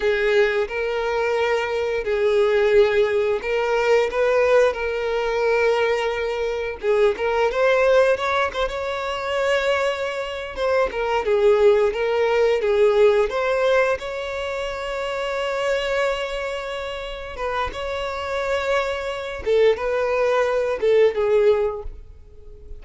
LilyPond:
\new Staff \with { instrumentName = "violin" } { \time 4/4 \tempo 4 = 88 gis'4 ais'2 gis'4~ | gis'4 ais'4 b'4 ais'4~ | ais'2 gis'8 ais'8 c''4 | cis''8 c''16 cis''2~ cis''8. c''8 |
ais'8 gis'4 ais'4 gis'4 c''8~ | c''8 cis''2.~ cis''8~ | cis''4. b'8 cis''2~ | cis''8 a'8 b'4. a'8 gis'4 | }